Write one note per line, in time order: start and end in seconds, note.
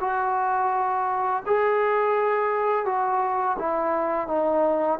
0.00 1.43 F#4
1.46 2.85 G#4
2.85 3.57 F#4
3.58 4.28 E4
4.28 4.99 D#4